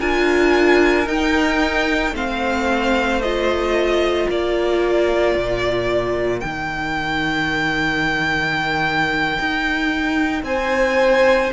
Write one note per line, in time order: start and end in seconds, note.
0.00 1.07 D4
0.00 1.06 F4
0.00 2.14 A#4
0.00 1.08 G#5
1.06 2.13 D#4
1.06 2.11 D#4
1.06 2.15 G5
2.11 4.26 A3
2.11 3.22 C4
2.11 4.29 C5
2.11 3.21 F5
3.21 6.43 F4
3.21 4.29 D#5
4.29 5.35 A#3
4.29 10.46 A#4
4.29 6.40 D5
5.35 6.42 A#2
6.40 9.38 D#3
6.40 11.52 D#4
6.40 10.42 G5
9.40 10.43 D#4
10.43 11.50 C4
10.43 11.53 C5
10.43 11.52 G#5